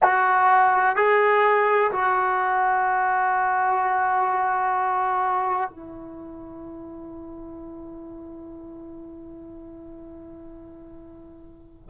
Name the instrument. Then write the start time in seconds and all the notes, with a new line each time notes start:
trombone
0.03 F#4
0.95 G#4
1.91 F#4
5.70 E4